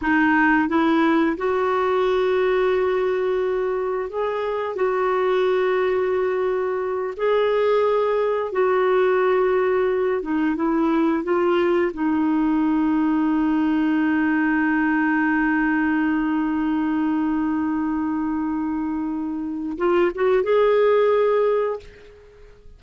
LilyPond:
\new Staff \with { instrumentName = "clarinet" } { \time 4/4 \tempo 4 = 88 dis'4 e'4 fis'2~ | fis'2 gis'4 fis'4~ | fis'2~ fis'8 gis'4.~ | gis'8 fis'2~ fis'8 dis'8 e'8~ |
e'8 f'4 dis'2~ dis'8~ | dis'1~ | dis'1~ | dis'4 f'8 fis'8 gis'2 | }